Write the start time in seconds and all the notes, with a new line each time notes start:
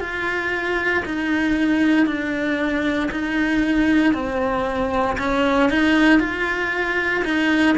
0.00 F4
1.05 D#4
2.06 D4
3.11 D#4
4.13 C4
5.18 C#4
5.69 D#4
6.19 F4
7.24 D#4